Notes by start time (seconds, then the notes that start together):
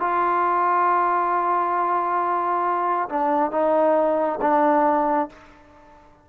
0.00 F4
3.09 D4
3.51 D#4
4.41 D4